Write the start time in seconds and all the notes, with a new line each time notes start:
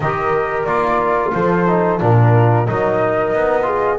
0.00 D#3 G4 A#4 D#5
0.63 A#3 F4 D5
1.33 F3 A4 C5
1.67 D#4
1.99 A#2 D4 F4 A#4
2.66 F#3 D#4 A#4 D#5
3.33 B3
3.62 F4 G#4